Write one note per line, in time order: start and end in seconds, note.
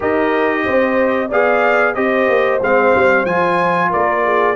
0.00 0.66 D#4
0.00 1.29 G4
0.00 0.62 A#4
0.00 1.31 D#5
0.65 1.31 C4
0.65 1.28 C5
1.28 1.96 B3
1.28 1.95 G#4
1.28 1.93 D5
1.28 1.94 F5
1.94 2.28 C4
1.94 2.60 G4
1.94 3.90 C5
1.94 2.59 D#5
2.28 2.61 A#3
2.61 2.93 G#3
2.61 3.27 C4
2.61 3.25 F5
2.95 3.24 G3
3.24 3.90 F3
3.24 4.55 F4
3.24 3.90 G#5
3.90 4.55 A#3
3.90 4.22 A#4
3.90 4.55 D5
4.24 4.55 G#4